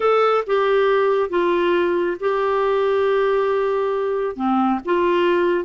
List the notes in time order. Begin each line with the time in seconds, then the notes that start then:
0.00 A4
0.46 G4
1.29 F4
2.19 G4
4.35 C4
4.85 F4